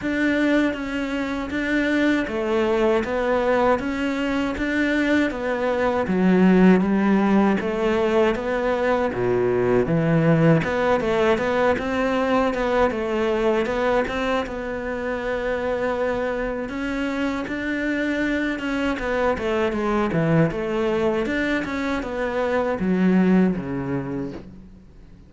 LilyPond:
\new Staff \with { instrumentName = "cello" } { \time 4/4 \tempo 4 = 79 d'4 cis'4 d'4 a4 | b4 cis'4 d'4 b4 | fis4 g4 a4 b4 | b,4 e4 b8 a8 b8 c'8~ |
c'8 b8 a4 b8 c'8 b4~ | b2 cis'4 d'4~ | d'8 cis'8 b8 a8 gis8 e8 a4 | d'8 cis'8 b4 fis4 cis4 | }